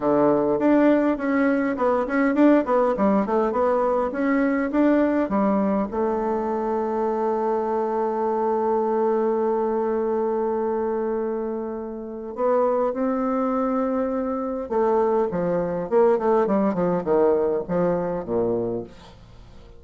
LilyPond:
\new Staff \with { instrumentName = "bassoon" } { \time 4/4 \tempo 4 = 102 d4 d'4 cis'4 b8 cis'8 | d'8 b8 g8 a8 b4 cis'4 | d'4 g4 a2~ | a1~ |
a1~ | a4 b4 c'2~ | c'4 a4 f4 ais8 a8 | g8 f8 dis4 f4 ais,4 | }